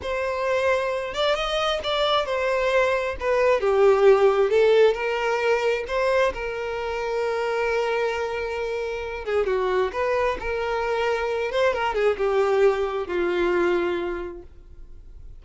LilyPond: \new Staff \with { instrumentName = "violin" } { \time 4/4 \tempo 4 = 133 c''2~ c''8 d''8 dis''4 | d''4 c''2 b'4 | g'2 a'4 ais'4~ | ais'4 c''4 ais'2~ |
ais'1~ | ais'8 gis'8 fis'4 b'4 ais'4~ | ais'4. c''8 ais'8 gis'8 g'4~ | g'4 f'2. | }